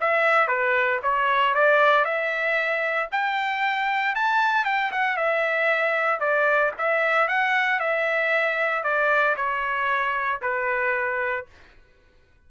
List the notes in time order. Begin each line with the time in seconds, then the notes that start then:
0.00 E5
0.47 B4
1.02 C#5
1.54 D5
2.04 E5
3.11 G5
4.15 A5
4.65 G5
4.91 F#5
5.17 E5
6.20 D5
6.78 E5
7.28 F#5
7.80 E5
8.83 D5
9.36 C#5
10.41 B4